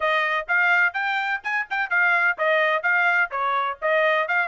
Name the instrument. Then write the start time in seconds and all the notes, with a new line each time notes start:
trumpet
0.00 D#5
0.48 F5
0.93 G5
1.43 G#5
1.69 G5
1.90 F5
2.38 D#5
2.83 F5
3.30 C#5
3.81 D#5
4.28 F5